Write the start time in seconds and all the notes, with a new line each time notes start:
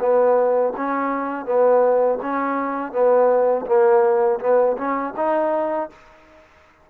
0.00 B3
0.77 C#4
1.46 B3
2.22 C#4
2.92 B3
3.66 A#3
4.40 B3
4.78 C#4
5.17 D#4